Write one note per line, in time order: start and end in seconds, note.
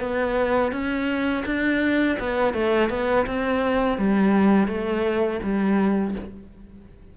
0.00 0.72 B3
0.72 1.44 C#4
1.46 2.18 D4
2.19 2.54 B3
2.54 2.90 A3
2.90 3.26 B3
3.27 3.98 C4
3.98 4.68 G3
4.68 5.40 A3
5.43 6.15 G3